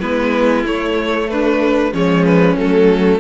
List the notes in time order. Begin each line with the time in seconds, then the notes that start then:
0.00 G#3 B3 E4 B4
0.65 A3 C#5
1.29 D4 B4
1.93 F3 G#3 C#4 C#5
2.24 B4
2.56 F#3 A3 A4